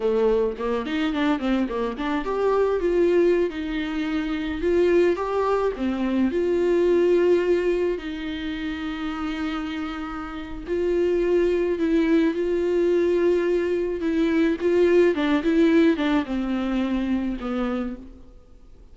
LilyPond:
\new Staff \with { instrumentName = "viola" } { \time 4/4 \tempo 4 = 107 a4 ais8 dis'8 d'8 c'8 ais8 d'8 | g'4 f'4~ f'16 dis'4.~ dis'16~ | dis'16 f'4 g'4 c'4 f'8.~ | f'2~ f'16 dis'4.~ dis'16~ |
dis'2. f'4~ | f'4 e'4 f'2~ | f'4 e'4 f'4 d'8 e'8~ | e'8 d'8 c'2 b4 | }